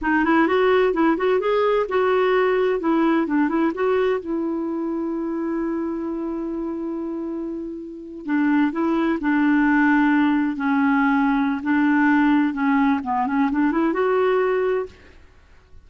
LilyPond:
\new Staff \with { instrumentName = "clarinet" } { \time 4/4 \tempo 4 = 129 dis'8 e'8 fis'4 e'8 fis'8 gis'4 | fis'2 e'4 d'8 e'8 | fis'4 e'2.~ | e'1~ |
e'4.~ e'16 d'4 e'4 d'16~ | d'2~ d'8. cis'4~ cis'16~ | cis'4 d'2 cis'4 | b8 cis'8 d'8 e'8 fis'2 | }